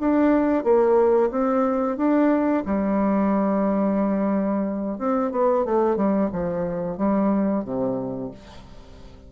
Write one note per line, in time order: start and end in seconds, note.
0.00 0.64 D4
0.64 1.31 A#3
1.31 1.97 C4
1.97 2.64 D4
2.65 4.98 G3
4.98 5.32 C4
5.32 5.65 B3
5.65 5.96 A3
5.96 6.30 G3
6.32 6.98 F3
6.98 7.64 G3
7.65 8.31 C3